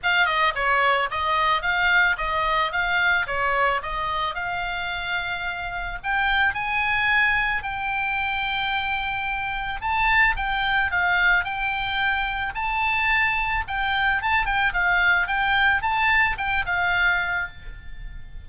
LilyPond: \new Staff \with { instrumentName = "oboe" } { \time 4/4 \tempo 4 = 110 f''8 dis''8 cis''4 dis''4 f''4 | dis''4 f''4 cis''4 dis''4 | f''2. g''4 | gis''2 g''2~ |
g''2 a''4 g''4 | f''4 g''2 a''4~ | a''4 g''4 a''8 g''8 f''4 | g''4 a''4 g''8 f''4. | }